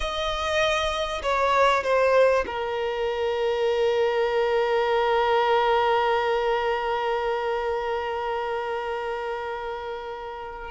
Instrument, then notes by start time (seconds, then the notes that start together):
violin
0.00 D#5
1.22 C#5
1.83 C5
2.46 A#4